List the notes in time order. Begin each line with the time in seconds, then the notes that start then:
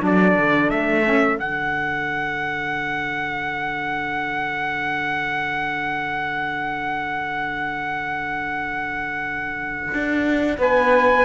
0.00 F#3 D4 A4 D5
0.37 D3
0.70 A3 E5
1.05 C#4
1.38 D3 D4 F#5
9.94 D4
10.58 B3 B4 G#5